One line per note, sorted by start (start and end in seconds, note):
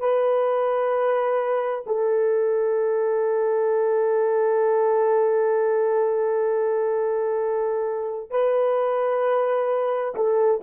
0.00 1.85 B4
1.87 8.30 A4
8.30 10.15 B4
10.15 10.62 A4